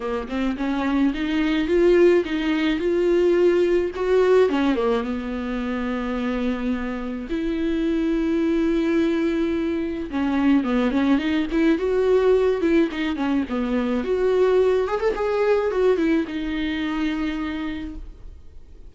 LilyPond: \new Staff \with { instrumentName = "viola" } { \time 4/4 \tempo 4 = 107 ais8 c'8 cis'4 dis'4 f'4 | dis'4 f'2 fis'4 | cis'8 ais8 b2.~ | b4 e'2.~ |
e'2 cis'4 b8 cis'8 | dis'8 e'8 fis'4. e'8 dis'8 cis'8 | b4 fis'4. gis'16 a'16 gis'4 | fis'8 e'8 dis'2. | }